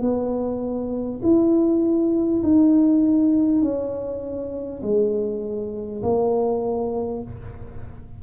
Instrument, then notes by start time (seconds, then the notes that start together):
tuba
0.00 B3
1.22 E4
2.43 D#4
3.61 C#4
4.82 G#3
6.02 A#3